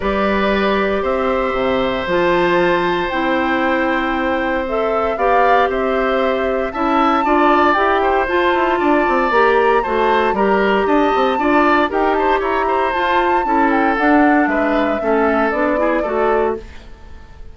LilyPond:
<<
  \new Staff \with { instrumentName = "flute" } { \time 4/4 \tempo 4 = 116 d''2 e''2 | a''2 g''2~ | g''4 e''4 f''4 e''4~ | e''4 a''2 g''4 |
a''2 ais''4 a''4 | ais''4 a''2 g''8 a''8 | ais''4 a''4. g''8 fis''4 | e''2 d''2 | }
  \new Staff \with { instrumentName = "oboe" } { \time 4/4 b'2 c''2~ | c''1~ | c''2 d''4 c''4~ | c''4 e''4 d''4. c''8~ |
c''4 d''2 c''4 | ais'4 dis''4 d''4 ais'8 c''8 | cis''8 c''4. a'2 | b'4 a'4. gis'8 a'4 | }
  \new Staff \with { instrumentName = "clarinet" } { \time 4/4 g'1 | f'2 e'2~ | e'4 a'4 g'2~ | g'4 e'4 f'4 g'4 |
f'2 g'4 fis'4 | g'2 f'4 g'4~ | g'4 f'4 e'4 d'4~ | d'4 cis'4 d'8 e'8 fis'4 | }
  \new Staff \with { instrumentName = "bassoon" } { \time 4/4 g2 c'4 c4 | f2 c'2~ | c'2 b4 c'4~ | c'4 cis'4 d'4 e'4 |
f'8 e'8 d'8 c'8 ais4 a4 | g4 d'8 c'8 d'4 dis'4 | e'4 f'4 cis'4 d'4 | gis4 a4 b4 a4 | }
>>